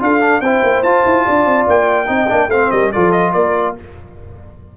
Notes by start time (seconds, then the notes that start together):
0.00 D4 F4 A4 F5
0.21 D4
0.41 C4 E4 C5 G5
0.63 A#3
0.83 F4 A5
1.06 E4
1.26 D4 D5
1.46 C4
1.67 A#3 G5
2.07 C4 D#4 D#5
2.29 A#3 D4
2.47 A3 C4 C5 F5
2.71 G3 A#4 D#5
2.92 F3 F4 A4 D5
3.12 D#5
3.33 A#3 A#4 D5